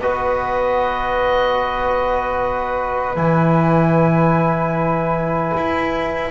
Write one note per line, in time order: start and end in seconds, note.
0.00 3.16 B3
0.00 3.16 F#4
0.00 6.31 B4
0.00 3.17 D#5
3.16 5.53 E3
3.16 6.31 E4
3.16 6.31 G#5
5.57 6.31 E4